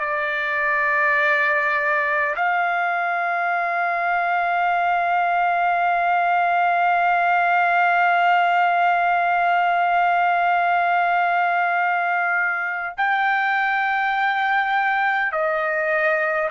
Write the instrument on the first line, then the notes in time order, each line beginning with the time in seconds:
trumpet
0.00 D5
2.36 F5
12.97 G5
15.32 D#5